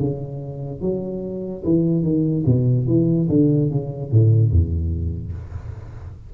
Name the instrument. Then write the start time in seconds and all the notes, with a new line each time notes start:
tuba
0.00 C#3
0.81 F#3
1.65 E3
2.03 D#3
2.46 B2
2.87 E3
3.30 D3
3.71 C#3
4.12 A2
4.51 E2